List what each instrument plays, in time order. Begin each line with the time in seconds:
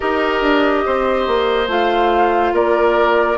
0.00 bassoon D#4, clarinet G4, oboe A#4, flute D#5
0.41 bassoon D4
0.85 bassoon C4, oboe C5
1.27 bassoon A#3
1.67 bassoon A3, clarinet F4, flute F5
2.52 bassoon A#3, oboe A#4, flute D5